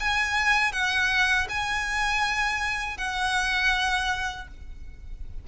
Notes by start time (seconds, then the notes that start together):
0.00 G#5
0.73 F#5
1.49 G#5
2.98 F#5